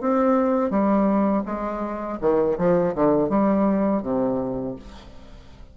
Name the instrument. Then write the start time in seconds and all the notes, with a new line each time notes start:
bassoon
0.00 C4
0.70 G3
1.45 G#3
2.21 D#3
2.58 F3
2.94 D3
3.29 G3
4.02 C3